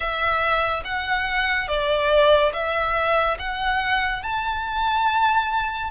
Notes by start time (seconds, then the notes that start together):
0.00 E5
0.84 F#5
1.67 D5
2.53 E5
3.38 F#5
4.23 A5